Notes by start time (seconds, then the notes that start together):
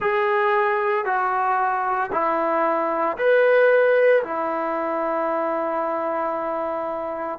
0.00 G#4
1.05 F#4
2.11 E4
3.17 B4
4.23 E4